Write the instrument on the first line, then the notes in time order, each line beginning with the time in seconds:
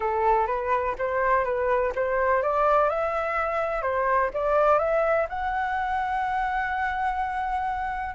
flute
0.00 A4
0.47 B4
0.98 C5
1.44 B4
1.95 C5
2.42 D5
2.89 E5
3.82 C5
4.33 D5
4.78 E5
5.29 F#5